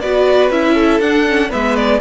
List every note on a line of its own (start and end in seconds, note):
0.00 0.49 B3
0.00 0.51 F#4
0.00 0.74 B4
0.00 0.50 D5
0.49 0.99 C#4
0.49 1.01 E4
0.49 1.00 E5
0.74 1.49 A4
1.00 1.50 D4
1.00 1.27 D4
1.00 1.50 F#5
1.28 1.50 C#4
1.49 2.01 G#3
1.49 2.00 B3
1.49 1.99 B4
1.49 1.76 E5
1.76 2.01 D5